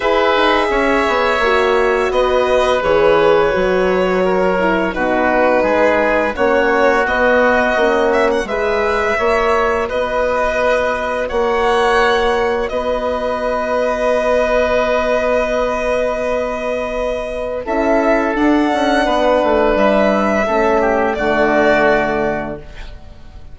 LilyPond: <<
  \new Staff \with { instrumentName = "violin" } { \time 4/4 \tempo 4 = 85 e''2. dis''4 | cis''2. b'4~ | b'4 cis''4 dis''4. e''16 fis''16 | e''2 dis''2 |
fis''2 dis''2~ | dis''1~ | dis''4 e''4 fis''2 | e''2 d''2 | }
  \new Staff \with { instrumentName = "oboe" } { \time 4/4 b'4 cis''2 b'4~ | b'2 ais'4 fis'4 | gis'4 fis'2. | b'4 cis''4 b'2 |
cis''2 b'2~ | b'1~ | b'4 a'2 b'4~ | b'4 a'8 g'8 fis'2 | }
  \new Staff \with { instrumentName = "horn" } { \time 4/4 gis'2 fis'2 | gis'4 fis'4. e'8 dis'4~ | dis'4 cis'4 b4 cis'4 | gis'4 fis'2.~ |
fis'1~ | fis'1~ | fis'4 e'4 d'2~ | d'4 cis'4 a2 | }
  \new Staff \with { instrumentName = "bassoon" } { \time 4/4 e'8 dis'8 cis'8 b8 ais4 b4 | e4 fis2 b,4 | gis4 ais4 b4 ais4 | gis4 ais4 b2 |
ais2 b2~ | b1~ | b4 cis'4 d'8 cis'8 b8 a8 | g4 a4 d2 | }
>>